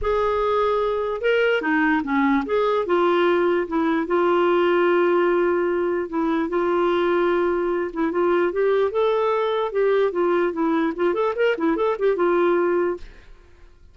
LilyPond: \new Staff \with { instrumentName = "clarinet" } { \time 4/4 \tempo 4 = 148 gis'2. ais'4 | dis'4 cis'4 gis'4 f'4~ | f'4 e'4 f'2~ | f'2. e'4 |
f'2.~ f'8 e'8 | f'4 g'4 a'2 | g'4 f'4 e'4 f'8 a'8 | ais'8 e'8 a'8 g'8 f'2 | }